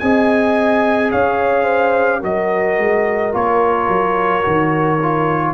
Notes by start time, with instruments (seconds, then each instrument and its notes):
0.00 tuba C4, trombone G#4, horn D#5, trumpet G#5
1.12 tuba C#4, horn C#5, trumpet F5
1.63 horn C5
2.20 tuba F#3, trombone F#4, horn A#4, trumpet D#5
2.78 tuba G#3
3.32 tuba A#3, trombone F4, trumpet C#5
3.88 tuba F#3
4.43 tuba D#3, trombone F#4
5.02 trombone F4